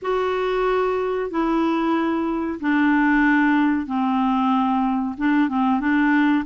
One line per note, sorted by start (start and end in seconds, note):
0.02 1.30 F#4
1.30 2.59 E4
2.60 3.86 D4
3.86 5.15 C4
5.17 5.48 D4
5.48 5.79 C4
5.79 6.44 D4